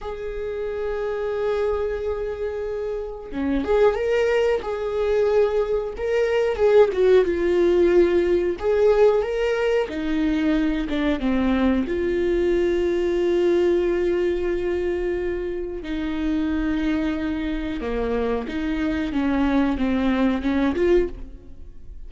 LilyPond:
\new Staff \with { instrumentName = "viola" } { \time 4/4 \tempo 4 = 91 gis'1~ | gis'4 cis'8 gis'8 ais'4 gis'4~ | gis'4 ais'4 gis'8 fis'8 f'4~ | f'4 gis'4 ais'4 dis'4~ |
dis'8 d'8 c'4 f'2~ | f'1 | dis'2. ais4 | dis'4 cis'4 c'4 cis'8 f'8 | }